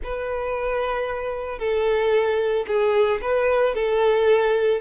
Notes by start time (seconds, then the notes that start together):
0.03 B4
1.58 A4
2.67 G#4
3.21 B4
3.74 A4